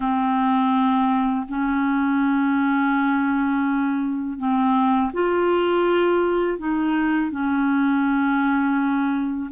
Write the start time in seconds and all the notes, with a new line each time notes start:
0.00 C4
1.48 C#4
4.38 C4
5.13 F4
6.58 D#4
7.30 C#4